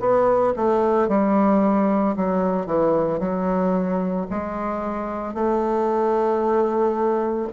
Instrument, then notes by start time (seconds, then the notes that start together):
bassoon
0.00 B3
0.56 A3
1.08 G3
2.16 F#3
2.66 E3
3.19 F#3
4.30 G#3
5.34 A3